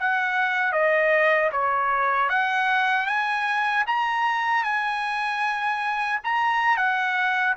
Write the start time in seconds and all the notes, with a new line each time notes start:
0.00 F#5
0.73 D#5
1.53 C#5
2.30 F#5
3.07 G#5
3.87 A#5
4.64 G#5
6.24 A#5
6.77 F#5